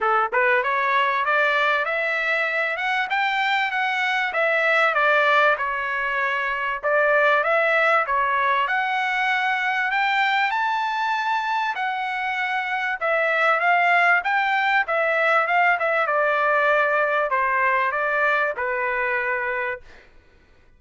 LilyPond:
\new Staff \with { instrumentName = "trumpet" } { \time 4/4 \tempo 4 = 97 a'8 b'8 cis''4 d''4 e''4~ | e''8 fis''8 g''4 fis''4 e''4 | d''4 cis''2 d''4 | e''4 cis''4 fis''2 |
g''4 a''2 fis''4~ | fis''4 e''4 f''4 g''4 | e''4 f''8 e''8 d''2 | c''4 d''4 b'2 | }